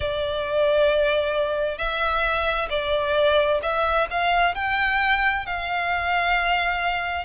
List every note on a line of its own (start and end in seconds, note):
0.00 1.77 D5
1.77 2.68 E5
2.69 3.60 D5
3.62 4.07 E5
4.10 4.55 F5
4.55 5.45 G5
5.45 7.25 F5